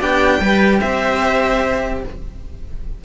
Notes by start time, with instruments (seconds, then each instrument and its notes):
0.00 cello B3 D4, viola G4, violin G5
0.40 cello G3 G4, viola B4
0.80 cello C4, viola C5, violin E5